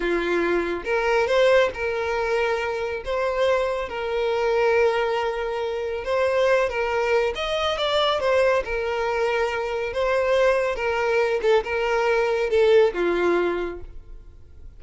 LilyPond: \new Staff \with { instrumentName = "violin" } { \time 4/4 \tempo 4 = 139 f'2 ais'4 c''4 | ais'2. c''4~ | c''4 ais'2.~ | ais'2 c''4. ais'8~ |
ais'4 dis''4 d''4 c''4 | ais'2. c''4~ | c''4 ais'4. a'8 ais'4~ | ais'4 a'4 f'2 | }